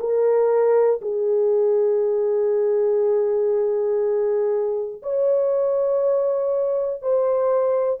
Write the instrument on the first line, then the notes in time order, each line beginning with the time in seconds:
horn
0.00 A#4
1.01 G#4
5.02 C#5
7.01 C5